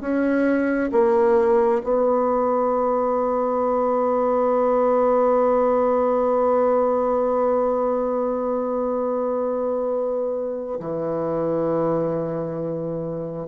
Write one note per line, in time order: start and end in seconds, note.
0.00 0.90 C#4
0.92 1.81 A#3
1.83 10.79 B3
10.80 13.47 E3